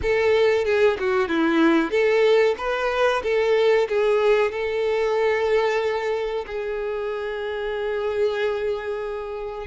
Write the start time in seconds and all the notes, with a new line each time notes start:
0.02 A4
0.65 G#4
0.99 F#4
1.28 E4
1.90 A4
2.57 B4
3.23 A4
3.88 G#4
4.51 A4
6.46 G#4